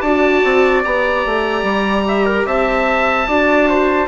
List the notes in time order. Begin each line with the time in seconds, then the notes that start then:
0.00 D4 F#4 D5 A5
0.44 C4
0.83 B3 G4 A#5
1.25 A3
1.62 G3
2.08 E5
2.26 A#4
2.46 C4 E5 A5
3.28 D4 F#4 D5
3.69 C5